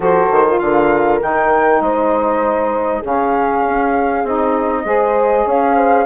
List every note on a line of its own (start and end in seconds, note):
0.00 0.29 F3
0.00 0.46 F#4
0.00 0.57 A4
0.00 0.58 C5
0.31 0.60 D#3
0.46 1.20 F4
0.58 1.21 D3
0.58 1.83 A#4
0.58 1.19 F5
1.20 1.80 D#3
1.20 3.01 D#4
1.20 1.81 G5
1.80 3.02 G#3
1.80 2.99 C5
1.80 3.02 D#5
2.99 3.65 C#3
2.99 4.22 C#4
2.99 4.81 G#4
3.05 4.26 F5
3.67 4.23 C#4
4.23 4.84 C4
4.23 4.85 D#4
4.23 5.47 D#5
4.84 5.45 G#3
4.84 6.05 G#4
4.84 5.45 C5
5.45 6.05 C#4
5.45 5.75 C#5
5.45 6.05 F5
5.75 6.05 C5